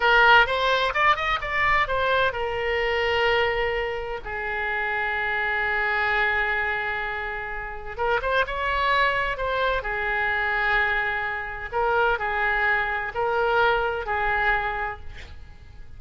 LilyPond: \new Staff \with { instrumentName = "oboe" } { \time 4/4 \tempo 4 = 128 ais'4 c''4 d''8 dis''8 d''4 | c''4 ais'2.~ | ais'4 gis'2.~ | gis'1~ |
gis'4 ais'8 c''8 cis''2 | c''4 gis'2.~ | gis'4 ais'4 gis'2 | ais'2 gis'2 | }